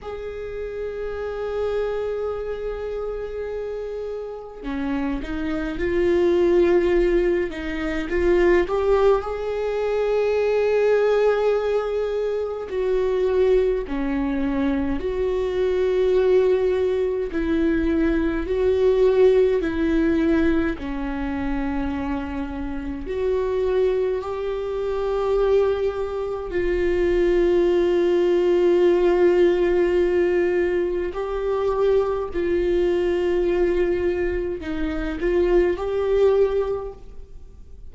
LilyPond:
\new Staff \with { instrumentName = "viola" } { \time 4/4 \tempo 4 = 52 gis'1 | cis'8 dis'8 f'4. dis'8 f'8 g'8 | gis'2. fis'4 | cis'4 fis'2 e'4 |
fis'4 e'4 cis'2 | fis'4 g'2 f'4~ | f'2. g'4 | f'2 dis'8 f'8 g'4 | }